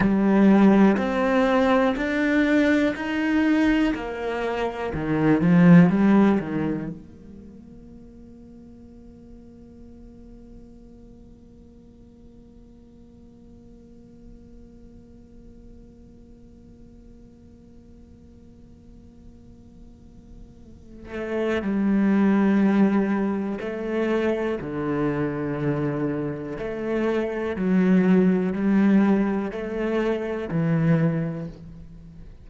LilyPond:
\new Staff \with { instrumentName = "cello" } { \time 4/4 \tempo 4 = 61 g4 c'4 d'4 dis'4 | ais4 dis8 f8 g8 dis8 ais4~ | ais1~ | ais1~ |
ais1~ | ais4. a8 g2 | a4 d2 a4 | fis4 g4 a4 e4 | }